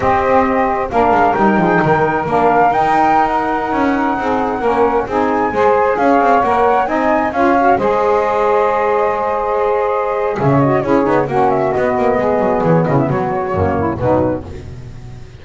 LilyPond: <<
  \new Staff \with { instrumentName = "flute" } { \time 4/4 \tempo 4 = 133 dis''2 f''4 g''4~ | g''4 f''4 g''4~ g''16 fis''8.~ | fis''2.~ fis''16 gis''8.~ | gis''4~ gis''16 f''4 fis''4 gis''8.~ |
gis''16 f''4 dis''2~ dis''8.~ | dis''2. e''8 dis''8 | cis''4 fis''8 e''8 dis''2 | cis''8 dis''16 e''16 cis''2 b'4 | }
  \new Staff \with { instrumentName = "saxophone" } { \time 4/4 g'2 ais'4. gis'8 | ais'1~ | ais'4~ ais'16 gis'4 ais'4 gis'8.~ | gis'16 c''4 cis''2 dis''8.~ |
dis''16 cis''4 c''2~ c''8.~ | c''2. cis''4 | gis'4 fis'2 gis'4~ | gis'8 e'8 fis'4. e'8 dis'4 | }
  \new Staff \with { instrumentName = "saxophone" } { \time 4/4 c'2 d'4 dis'4~ | dis'4 d'4 dis'2~ | dis'2~ dis'16 cis'4 dis'8.~ | dis'16 gis'2 ais'4 dis'8.~ |
dis'16 f'8 fis'8 gis'2~ gis'8.~ | gis'2.~ gis'8 fis'8 | e'8 dis'8 cis'4 b2~ | b2 ais4 fis4 | }
  \new Staff \with { instrumentName = "double bass" } { \time 4/4 c'2 ais8 gis8 g8 f8 | dis4 ais4 dis'2~ | dis'16 cis'4 c'4 ais4 c'8.~ | c'16 gis4 cis'8 c'8 ais4 c'8.~ |
c'16 cis'4 gis2~ gis8.~ | gis2. cis4 | cis'8 b8 ais4 b8 ais8 gis8 fis8 | e8 cis8 fis4 fis,4 b,4 | }
>>